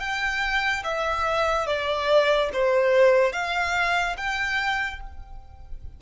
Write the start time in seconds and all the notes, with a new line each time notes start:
0.00 G5
0.84 E5
1.67 D5
2.53 C5
3.33 F5
4.17 G5